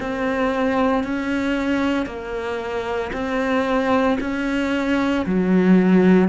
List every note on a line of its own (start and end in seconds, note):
0.00 1.03 C4
1.03 2.06 C#4
2.06 3.11 A#3
3.12 4.18 C4
4.20 5.25 C#4
5.26 6.28 F#3